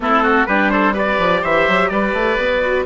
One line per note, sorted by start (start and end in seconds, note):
0.00 0.44 A3
0.00 0.46 C4
0.00 0.22 E4
0.00 0.46 A4
0.22 0.46 F#4
0.46 1.18 G3
0.46 0.94 D4
0.46 0.71 G4
0.46 0.70 B4
0.70 0.93 A4
0.70 0.94 C5
0.93 2.61 G4
0.93 1.40 B4
0.93 1.44 D5
1.18 1.42 F3
1.42 1.67 E3
1.42 1.89 C5
1.42 1.89 E5
1.68 1.90 F#3
1.89 2.13 G3
1.89 2.85 B4
1.89 2.84 D5
2.13 2.37 A3
2.38 2.85 B3
2.61 2.85 F#4